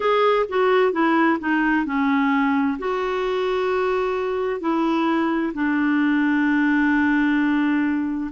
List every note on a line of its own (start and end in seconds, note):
0.00 0.46 G#4
0.49 0.92 F#4
0.92 1.38 E4
1.39 1.85 D#4
1.85 2.77 C#4
2.78 4.60 F#4
4.60 5.52 E4
5.54 8.31 D4